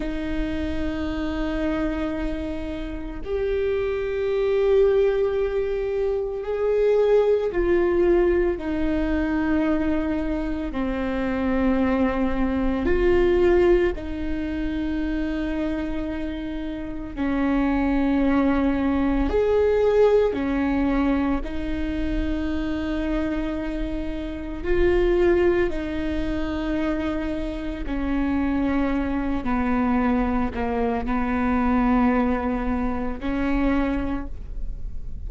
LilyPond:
\new Staff \with { instrumentName = "viola" } { \time 4/4 \tempo 4 = 56 dis'2. g'4~ | g'2 gis'4 f'4 | dis'2 c'2 | f'4 dis'2. |
cis'2 gis'4 cis'4 | dis'2. f'4 | dis'2 cis'4. b8~ | b8 ais8 b2 cis'4 | }